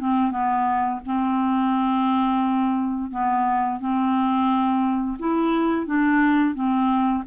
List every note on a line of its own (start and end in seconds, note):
0.00 0.31 C4
0.31 1.00 B3
1.06 3.11 C4
3.11 3.80 B3
3.80 5.18 C4
5.19 5.87 E4
5.87 6.55 D4
6.55 7.24 C4